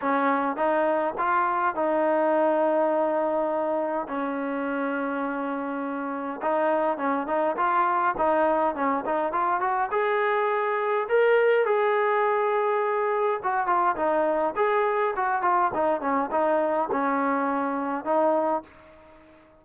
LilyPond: \new Staff \with { instrumentName = "trombone" } { \time 4/4 \tempo 4 = 103 cis'4 dis'4 f'4 dis'4~ | dis'2. cis'4~ | cis'2. dis'4 | cis'8 dis'8 f'4 dis'4 cis'8 dis'8 |
f'8 fis'8 gis'2 ais'4 | gis'2. fis'8 f'8 | dis'4 gis'4 fis'8 f'8 dis'8 cis'8 | dis'4 cis'2 dis'4 | }